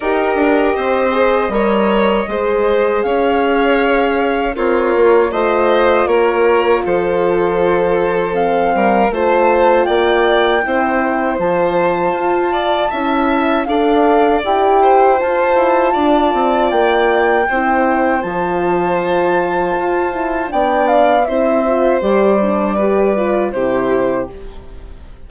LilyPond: <<
  \new Staff \with { instrumentName = "flute" } { \time 4/4 \tempo 4 = 79 dis''1 | f''2 cis''4 dis''4 | cis''4 c''2 f''4 | a''4 g''2 a''4~ |
a''2 f''4 g''4 | a''2 g''2 | a''2. g''8 f''8 | e''4 d''2 c''4 | }
  \new Staff \with { instrumentName = "violin" } { \time 4/4 ais'4 c''4 cis''4 c''4 | cis''2 f'4 c''4 | ais'4 a'2~ a'8 ais'8 | c''4 d''4 c''2~ |
c''8 d''8 e''4 d''4. c''8~ | c''4 d''2 c''4~ | c''2. d''4 | c''2 b'4 g'4 | }
  \new Staff \with { instrumentName = "horn" } { \time 4/4 g'4. gis'8 ais'4 gis'4~ | gis'2 ais'4 f'4~ | f'2. c'4 | f'2 e'4 f'4~ |
f'4 e'4 a'4 g'4 | f'2. e'4 | f'2~ f'8 e'8 d'4 | e'8 f'8 g'8 d'8 g'8 f'8 e'4 | }
  \new Staff \with { instrumentName = "bassoon" } { \time 4/4 dis'8 d'8 c'4 g4 gis4 | cis'2 c'8 ais8 a4 | ais4 f2~ f8 g8 | a4 ais4 c'4 f4 |
f'4 cis'4 d'4 e'4 | f'8 e'8 d'8 c'8 ais4 c'4 | f2 f'4 b4 | c'4 g2 c4 | }
>>